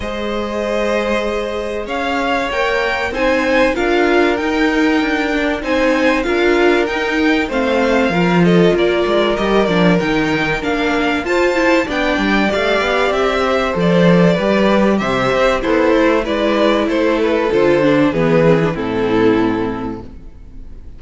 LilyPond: <<
  \new Staff \with { instrumentName = "violin" } { \time 4/4 \tempo 4 = 96 dis''2. f''4 | g''4 gis''4 f''4 g''4~ | g''4 gis''4 f''4 g''4 | f''4. dis''8 d''4 dis''8 d''8 |
g''4 f''4 a''4 g''4 | f''4 e''4 d''2 | e''4 c''4 d''4 c''8 b'8 | c''4 b'4 a'2 | }
  \new Staff \with { instrumentName = "violin" } { \time 4/4 c''2. cis''4~ | cis''4 c''4 ais'2~ | ais'4 c''4 ais'2 | c''4 ais'8 a'8 ais'2~ |
ais'2 c''4 d''4~ | d''4. c''4. b'4 | c''4 e'4 b'4 a'4~ | a'4 gis'4 e'2 | }
  \new Staff \with { instrumentName = "viola" } { \time 4/4 gis'1 | ais'4 dis'4 f'4 dis'4~ | dis'8 d'8 dis'4 f'4 dis'4 | c'4 f'2 g'8 d'8 |
dis'4 d'4 f'8 e'8 d'4 | g'2 a'4 g'4~ | g'4 a'4 e'2 | f'8 d'8 b8 c'16 d'16 c'2 | }
  \new Staff \with { instrumentName = "cello" } { \time 4/4 gis2. cis'4 | ais4 c'4 d'4 dis'4 | d'4 c'4 d'4 dis'4 | a4 f4 ais8 gis8 g8 f8 |
dis4 ais4 f'4 b8 g8 | a8 b8 c'4 f4 g4 | c8 c'8 b8 a8 gis4 a4 | d4 e4 a,2 | }
>>